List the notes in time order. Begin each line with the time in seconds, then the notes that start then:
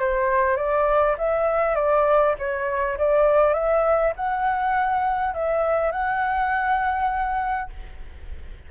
0.00 C5
0.57 D5
1.18 E5
1.76 D5
2.38 C#5
2.98 D5
3.54 E5
4.16 F#5
5.34 E5
5.92 F#5